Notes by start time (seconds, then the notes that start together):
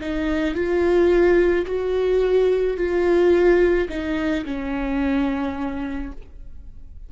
0.00 D#4
0.55 F4
1.66 F#4
2.77 F4
3.89 D#4
4.45 C#4